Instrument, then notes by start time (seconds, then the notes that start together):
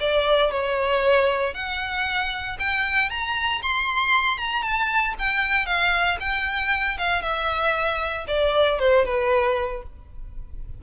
violin
0.00 D5
0.51 C#5
1.54 F#5
2.59 G5
3.10 A#5
3.62 C6
4.38 A#5
4.62 A5
5.19 G5
5.66 F5
6.20 G5
6.98 F5
7.22 E5
8.28 D5
8.79 C5
9.05 B4